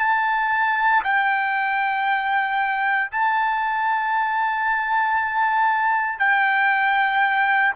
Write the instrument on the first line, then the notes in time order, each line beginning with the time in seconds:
trumpet
0.00 A5
1.04 G5
3.12 A5
6.20 G5